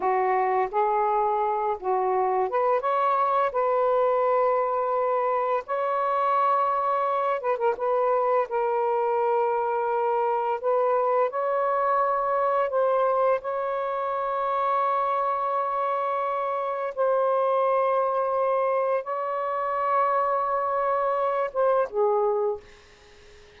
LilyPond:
\new Staff \with { instrumentName = "saxophone" } { \time 4/4 \tempo 4 = 85 fis'4 gis'4. fis'4 b'8 | cis''4 b'2. | cis''2~ cis''8 b'16 ais'16 b'4 | ais'2. b'4 |
cis''2 c''4 cis''4~ | cis''1 | c''2. cis''4~ | cis''2~ cis''8 c''8 gis'4 | }